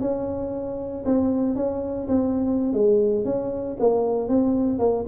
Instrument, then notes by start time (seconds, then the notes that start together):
tuba
0.00 C#4
1.05 C4
1.55 C#4
2.08 C4
2.73 G#3
3.24 C#4
3.79 A#3
4.28 C4
4.78 A#3